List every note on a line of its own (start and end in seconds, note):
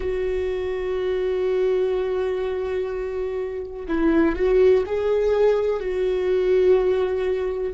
0.00 3.86 F#4
3.88 4.35 E4
4.35 4.83 F#4
4.86 5.79 G#4
5.79 7.73 F#4